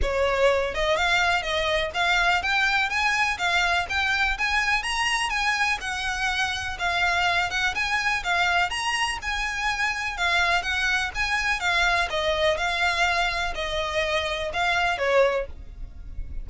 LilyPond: \new Staff \with { instrumentName = "violin" } { \time 4/4 \tempo 4 = 124 cis''4. dis''8 f''4 dis''4 | f''4 g''4 gis''4 f''4 | g''4 gis''4 ais''4 gis''4 | fis''2 f''4. fis''8 |
gis''4 f''4 ais''4 gis''4~ | gis''4 f''4 fis''4 gis''4 | f''4 dis''4 f''2 | dis''2 f''4 cis''4 | }